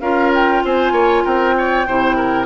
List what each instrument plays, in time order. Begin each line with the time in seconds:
0.00 bassoon C#4, clarinet F4, oboe A#4, flute F5
0.34 flute G5
0.64 bassoon C4, oboe C5, flute G#5
0.92 bassoon A#3, oboe C#5
1.23 bassoon C4, oboe A#4, flute G5
1.57 oboe C#5
1.86 bassoon C3, clarinet E4, oboe C5
2.16 oboe A#4